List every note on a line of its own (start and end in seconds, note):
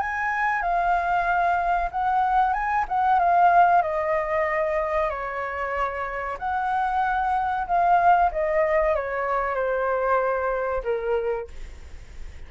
0.00 0.62 G#5
0.62 1.90 F5
1.91 2.53 F#5
2.53 2.85 G#5
2.88 3.19 F#5
3.19 3.82 F5
3.82 5.09 D#5
5.10 6.37 C#5
6.39 7.67 F#5
7.67 8.31 F5
8.32 8.95 D#5
8.95 9.55 C#5
9.55 10.82 C5
10.84 11.47 A#4